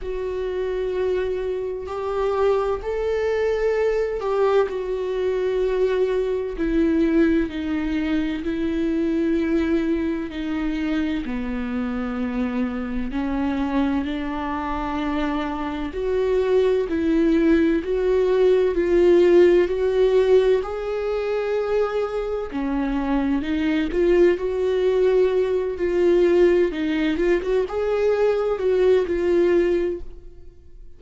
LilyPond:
\new Staff \with { instrumentName = "viola" } { \time 4/4 \tempo 4 = 64 fis'2 g'4 a'4~ | a'8 g'8 fis'2 e'4 | dis'4 e'2 dis'4 | b2 cis'4 d'4~ |
d'4 fis'4 e'4 fis'4 | f'4 fis'4 gis'2 | cis'4 dis'8 f'8 fis'4. f'8~ | f'8 dis'8 f'16 fis'16 gis'4 fis'8 f'4 | }